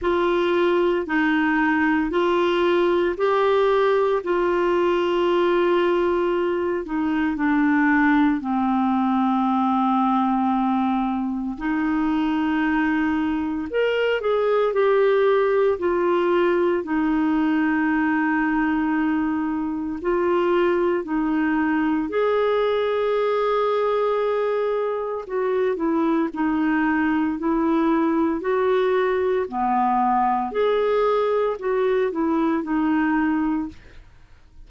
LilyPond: \new Staff \with { instrumentName = "clarinet" } { \time 4/4 \tempo 4 = 57 f'4 dis'4 f'4 g'4 | f'2~ f'8 dis'8 d'4 | c'2. dis'4~ | dis'4 ais'8 gis'8 g'4 f'4 |
dis'2. f'4 | dis'4 gis'2. | fis'8 e'8 dis'4 e'4 fis'4 | b4 gis'4 fis'8 e'8 dis'4 | }